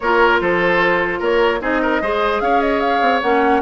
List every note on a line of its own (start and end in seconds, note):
0.00 0.40 A#3
0.00 1.61 F4
0.00 0.41 A#4
0.00 0.39 C#5
0.40 1.20 F3
0.40 1.19 A4
0.40 1.21 C5
1.19 1.60 A#3
1.19 1.59 A#4
1.19 1.62 C#5
1.60 2.01 C4
1.60 2.01 D#4
1.60 1.81 G#4
1.60 2.40 D#5
1.81 2.01 A#4
2.01 2.41 G#3
2.01 3.23 G#4
2.01 2.42 C5
2.40 3.01 C#4
2.40 3.61 C#5
2.40 2.60 F5
2.61 2.80 D#5
2.80 3.20 F5
3.01 3.21 C4
3.21 3.61 A#3
3.21 3.61 C#4
3.21 3.61 F#5